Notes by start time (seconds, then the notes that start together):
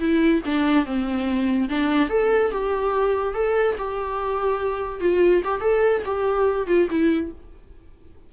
0.00 E4
0.46 D4
0.86 C4
1.70 D4
2.10 A4
2.52 G4
3.34 A4
3.78 G4
5.01 F4
5.45 G4
5.61 A4
6.06 G4
6.68 F4
6.91 E4